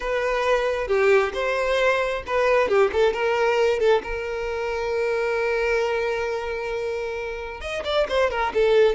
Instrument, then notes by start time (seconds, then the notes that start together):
violin
0.00 B4
0.87 G4
1.33 C5
2.26 B4
2.68 G4
2.92 A4
3.13 A#4
3.79 A4
4.03 A#4
7.61 D#5
7.84 D5
8.08 C5
8.30 A#4
8.54 A4